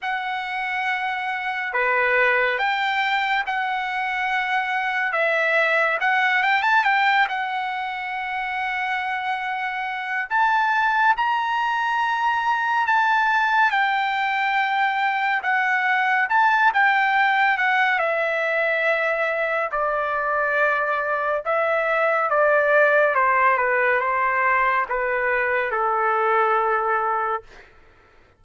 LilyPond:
\new Staff \with { instrumentName = "trumpet" } { \time 4/4 \tempo 4 = 70 fis''2 b'4 g''4 | fis''2 e''4 fis''8 g''16 a''16 | g''8 fis''2.~ fis''8 | a''4 ais''2 a''4 |
g''2 fis''4 a''8 g''8~ | g''8 fis''8 e''2 d''4~ | d''4 e''4 d''4 c''8 b'8 | c''4 b'4 a'2 | }